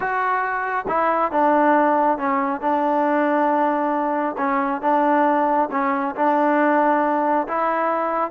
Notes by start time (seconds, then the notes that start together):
0.00 F#4
0.88 E4
1.31 D4
2.18 C#4
2.60 D4
4.37 C#4
4.81 D4
5.71 C#4
6.15 D4
7.47 E4